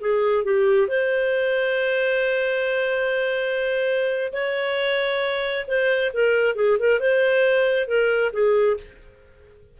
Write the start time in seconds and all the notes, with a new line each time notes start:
0.00 G#4
0.44 G4
0.87 C5
4.32 C#5
5.67 C5
6.13 A#4
6.55 G#4
6.79 A#4
6.99 C5
7.87 A#4
8.32 G#4